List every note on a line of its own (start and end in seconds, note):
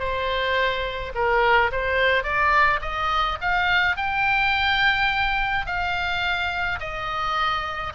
0.00 1.13 C5
1.15 1.72 A#4
1.72 2.24 C5
2.24 2.80 D5
2.82 3.39 D#5
3.42 3.97 F5
3.97 5.67 G5
5.67 6.80 F5
6.80 7.93 D#5